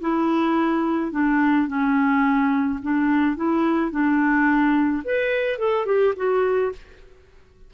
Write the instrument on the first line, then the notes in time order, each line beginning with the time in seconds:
clarinet
0.00 E4
1.11 D4
1.67 C#4
2.82 D4
3.36 E4
3.90 D4
5.04 B4
5.58 A4
5.85 G4
6.16 F#4